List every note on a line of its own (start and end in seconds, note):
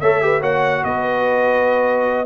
0.00 0.42 A3
0.00 0.22 A4
0.00 0.21 C#5
0.00 0.42 E5
0.22 0.42 G4
0.22 0.40 B4
0.40 0.83 A#3
0.40 2.26 F#4
0.40 0.82 C#5
0.40 0.84 F#5
0.84 2.26 B3
0.84 2.26 B4
0.84 2.26 D#5